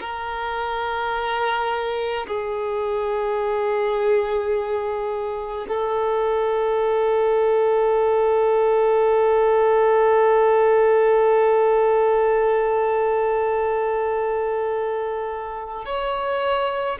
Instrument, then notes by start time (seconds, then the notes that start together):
violin
0.00 A#4
2.27 G#4
5.68 A4
15.85 C#5